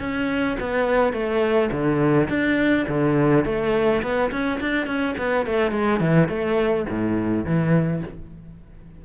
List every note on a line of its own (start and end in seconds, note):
0.00 0.57 C#4
0.60 1.13 B3
1.13 1.70 A3
1.72 2.29 D3
2.29 2.86 D4
2.88 3.45 D3
3.45 4.02 A3
4.03 4.31 B3
4.31 4.60 C#4
4.61 4.87 D4
4.87 5.15 C#4
5.18 5.46 B3
5.46 5.72 A3
5.72 6.00 G#3
6.00 6.29 E3
6.29 6.86 A3
6.89 7.45 A2
7.45 8.03 E3